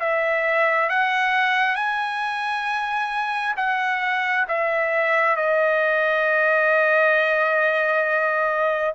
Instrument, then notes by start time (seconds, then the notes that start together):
trumpet
0.00 E5
0.90 F#5
1.76 G#5
3.57 F#5
4.49 E5
5.36 D#5